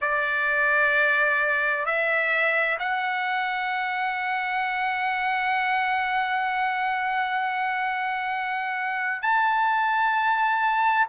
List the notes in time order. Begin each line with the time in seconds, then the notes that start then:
0.01 D5
1.85 E5
2.79 F#5
9.21 A5